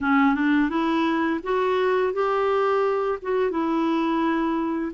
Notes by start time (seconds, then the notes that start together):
0.00 C#4
0.34 D4
0.69 E4
1.43 F#4
2.13 G4
3.21 F#4
3.50 E4